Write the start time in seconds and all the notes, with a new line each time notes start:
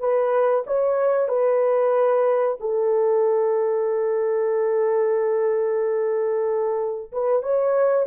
0.00 B4
0.67 C#5
1.29 B4
2.60 A4
7.12 B4
7.43 C#5